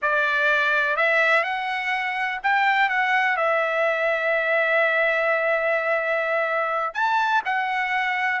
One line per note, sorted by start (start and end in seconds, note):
0.01 0.96 D5
0.96 1.43 E5
1.43 2.39 F#5
2.43 2.89 G5
2.89 3.36 F#5
3.36 6.94 E5
6.94 7.42 A5
7.45 8.40 F#5